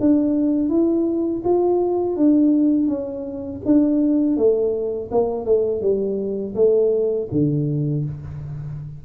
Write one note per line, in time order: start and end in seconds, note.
0.00 0.69 D4
0.69 1.42 E4
1.44 2.16 F4
2.16 2.87 D4
2.87 3.61 C#4
3.65 4.36 D4
4.36 5.10 A3
5.11 5.45 A#3
5.45 5.81 A3
5.81 6.54 G3
6.55 7.28 A3
7.31 8.04 D3